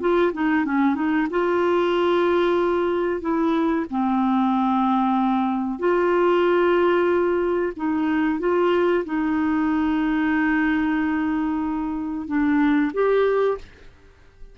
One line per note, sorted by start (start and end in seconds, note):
0.00 0.32 F4
0.33 0.65 D#4
0.65 0.95 C#4
0.95 1.28 D#4
1.30 3.21 F4
3.21 3.86 E4
3.90 5.79 C4
5.79 7.72 F4
7.76 8.40 D#4
8.40 9.04 F4
9.05 12.28 D#4
12.28 12.92 D4
12.93 13.58 G4